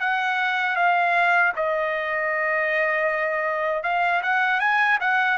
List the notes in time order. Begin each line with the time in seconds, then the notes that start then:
0.00 F#5
0.76 F5
1.56 D#5
3.83 F5
4.22 F#5
4.60 G#5
5.00 F#5